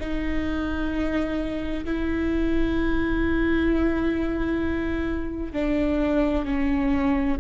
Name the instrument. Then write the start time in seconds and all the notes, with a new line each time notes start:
viola
0.00 D#4
1.85 E4
5.53 D4
6.45 C#4